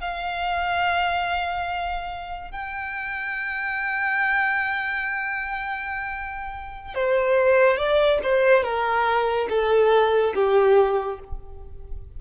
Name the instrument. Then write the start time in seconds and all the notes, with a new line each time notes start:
violin
0.00 F5
2.51 G5
6.94 C5
7.77 D5
8.23 C5
8.63 A#4
9.49 A4
10.34 G4